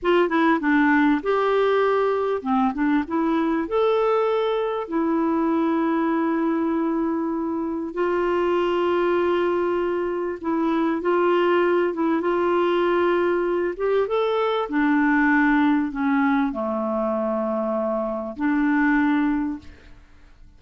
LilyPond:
\new Staff \with { instrumentName = "clarinet" } { \time 4/4 \tempo 4 = 98 f'8 e'8 d'4 g'2 | c'8 d'8 e'4 a'2 | e'1~ | e'4 f'2.~ |
f'4 e'4 f'4. e'8 | f'2~ f'8 g'8 a'4 | d'2 cis'4 a4~ | a2 d'2 | }